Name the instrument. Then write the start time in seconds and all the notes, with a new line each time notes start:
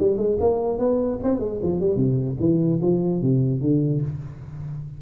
tuba
0.00 G3
0.18 G#3
0.40 A#3
0.79 B3
1.23 C4
1.40 G#3
1.63 F3
1.80 G3
1.96 C3
2.40 E3
2.82 F3
3.22 C3
3.61 D3